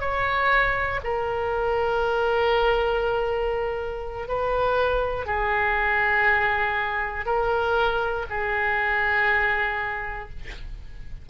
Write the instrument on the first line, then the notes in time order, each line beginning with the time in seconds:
oboe
0.00 C#5
1.03 A#4
4.28 B4
5.26 G#4
7.25 A#4
8.29 G#4